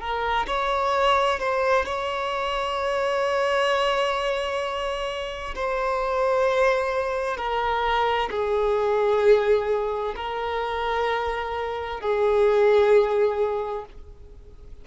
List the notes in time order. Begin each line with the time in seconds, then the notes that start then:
0.00 A#4
0.47 C#5
1.39 C5
1.85 C#5
5.55 C5
7.37 A#4
8.30 G#4
10.16 A#4
12.00 G#4